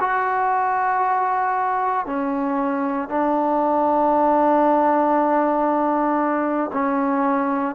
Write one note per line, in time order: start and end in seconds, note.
0.00 2.06 F#4
2.06 3.09 C#4
3.09 6.71 D4
6.73 7.75 C#4